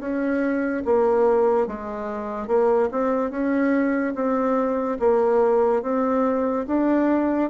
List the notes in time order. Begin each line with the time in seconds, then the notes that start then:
0.00 C#4
0.85 A#3
1.67 G#3
2.48 A#3
2.91 C4
3.31 C#4
4.15 C4
5.00 A#3
5.83 C4
6.67 D4